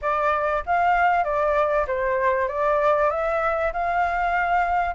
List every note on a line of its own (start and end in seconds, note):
0.01 0.63 D5
0.66 1.24 F5
1.24 1.86 D5
1.87 2.48 C5
2.48 3.10 D5
3.10 3.72 E5
3.73 4.95 F5